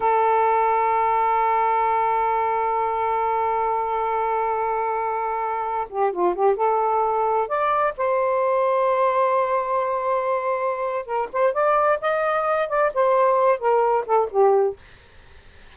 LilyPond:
\new Staff \with { instrumentName = "saxophone" } { \time 4/4 \tempo 4 = 130 a'1~ | a'1~ | a'1~ | a'8. g'8 f'8 g'8 a'4.~ a'16~ |
a'16 d''4 c''2~ c''8.~ | c''1 | ais'8 c''8 d''4 dis''4. d''8 | c''4. ais'4 a'8 g'4 | }